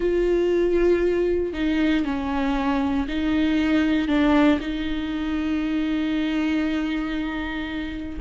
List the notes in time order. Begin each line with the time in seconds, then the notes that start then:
0.00 F4
1.53 D#4
2.04 C#4
3.08 D#4
4.08 D4
4.60 D#4